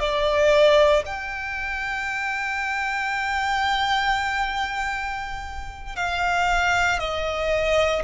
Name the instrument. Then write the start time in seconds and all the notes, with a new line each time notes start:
violin
0.00 D5
1.06 G5
5.96 F5
6.99 D#5